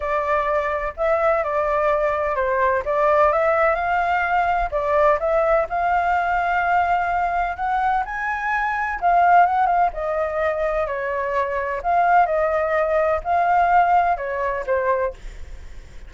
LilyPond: \new Staff \with { instrumentName = "flute" } { \time 4/4 \tempo 4 = 127 d''2 e''4 d''4~ | d''4 c''4 d''4 e''4 | f''2 d''4 e''4 | f''1 |
fis''4 gis''2 f''4 | fis''8 f''8 dis''2 cis''4~ | cis''4 f''4 dis''2 | f''2 cis''4 c''4 | }